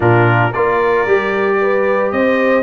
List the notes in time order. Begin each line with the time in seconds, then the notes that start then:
0.00 A#2 D4 F4 A#4
0.51 A#3 F4 A#4 D5
1.06 G3 G4
1.61 B4
2.11 C4 C5 D#5